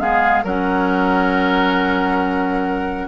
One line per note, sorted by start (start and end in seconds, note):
0.00 0.44 G#3
0.00 0.44 B3
0.00 0.44 G#4
0.00 0.44 F5
0.44 3.08 F#3
0.44 3.08 C#4
0.44 3.08 A#4
0.44 3.08 F#5